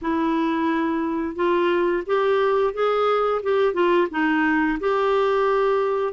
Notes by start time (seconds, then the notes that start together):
0.01 E4
1.35 F4
2.06 G4
2.73 G#4
3.42 G4
3.73 F4
4.10 D#4
4.79 G4